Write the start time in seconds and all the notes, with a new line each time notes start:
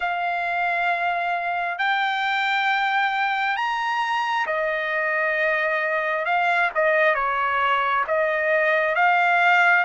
0.00 F5
1.78 G5
3.56 A#5
4.46 D#5
6.24 F5
6.74 D#5
7.14 C#5
8.07 D#5
8.95 F5